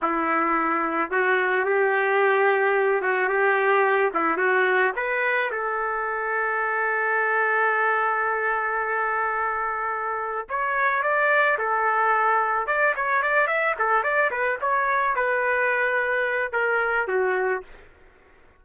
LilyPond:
\new Staff \with { instrumentName = "trumpet" } { \time 4/4 \tempo 4 = 109 e'2 fis'4 g'4~ | g'4. fis'8 g'4. e'8 | fis'4 b'4 a'2~ | a'1~ |
a'2. cis''4 | d''4 a'2 d''8 cis''8 | d''8 e''8 a'8 d''8 b'8 cis''4 b'8~ | b'2 ais'4 fis'4 | }